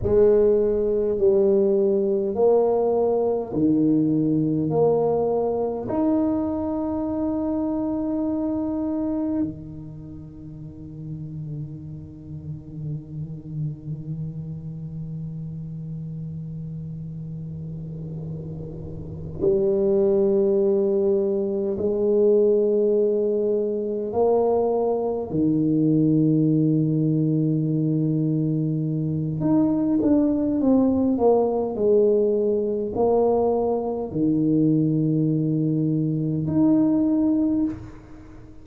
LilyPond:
\new Staff \with { instrumentName = "tuba" } { \time 4/4 \tempo 4 = 51 gis4 g4 ais4 dis4 | ais4 dis'2. | dis1~ | dis1~ |
dis8 g2 gis4.~ | gis8 ais4 dis2~ dis8~ | dis4 dis'8 d'8 c'8 ais8 gis4 | ais4 dis2 dis'4 | }